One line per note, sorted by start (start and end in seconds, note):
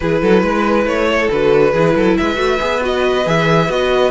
0.00 0.22 E3
0.00 1.31 E4
0.00 0.22 G#4
0.00 0.86 B4
0.22 0.42 F#3
0.22 0.42 A4
0.42 0.85 G#3
0.42 1.08 B4
0.85 1.29 A3
0.85 1.30 C#5
1.08 1.72 A4
1.31 1.73 D3
1.31 1.74 F#4
1.31 2.17 B4
1.72 1.95 E3
1.72 2.35 E4
1.72 1.93 G#4
1.96 2.17 F#3
1.96 2.17 A4
2.17 2.37 G#3
2.17 4.10 B4
2.17 2.82 E5
2.35 2.58 A3
2.35 2.57 F#4
2.60 3.26 B3
2.60 2.80 G#4
2.80 3.24 F#4
2.80 3.28 D#5
3.25 3.69 E3
3.25 3.69 G#4
3.25 3.70 E5
3.69 4.10 B3
3.69 4.10 F#4
3.69 4.10 D#5